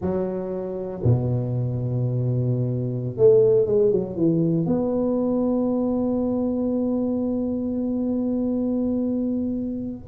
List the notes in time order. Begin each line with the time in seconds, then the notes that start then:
0.01 F#3
1.03 B2
3.16 A3
3.66 G#3
3.91 F#3
4.16 E3
4.65 B3